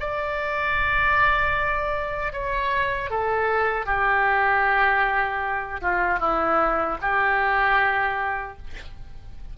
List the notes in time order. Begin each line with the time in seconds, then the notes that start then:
0.00 D5
2.33 C#5
3.10 A4
3.86 G4
5.82 F4
6.19 E4
7.02 G4